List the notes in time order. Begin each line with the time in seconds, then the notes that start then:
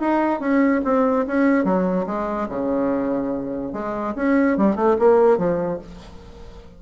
0.00 D#4
0.40 C#4
0.84 C4
1.27 C#4
1.64 F#3
2.06 G#3
2.49 C#3
3.73 G#3
4.16 C#4
4.57 G3
4.75 A3
4.99 A#3
5.37 F3